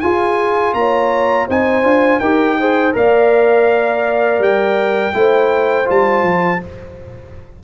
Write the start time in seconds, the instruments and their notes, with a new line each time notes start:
0.00 trombone F4, tuba F4, horn G#4, trumpet G#5
0.73 tuba A#3, horn C#5, trumpet A#5
1.47 tuba C4, trombone D#4, horn C5, trumpet G#5
1.83 tuba D4, trombone F4
2.19 tuba D#4, trombone G4, horn A#4, trumpet G5
2.60 trombone G#4, horn C5
2.93 tuba A#3, trombone A#4, horn D5, trumpet F5
4.38 tuba G3, trumpet G5
5.13 tuba A3, trombone E4, horn C5
5.85 tuba G3, trombone F4, trumpet A5
6.22 tuba F3